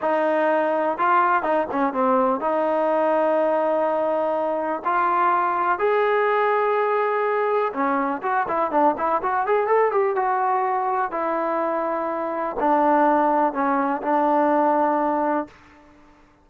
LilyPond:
\new Staff \with { instrumentName = "trombone" } { \time 4/4 \tempo 4 = 124 dis'2 f'4 dis'8 cis'8 | c'4 dis'2.~ | dis'2 f'2 | gis'1 |
cis'4 fis'8 e'8 d'8 e'8 fis'8 gis'8 | a'8 g'8 fis'2 e'4~ | e'2 d'2 | cis'4 d'2. | }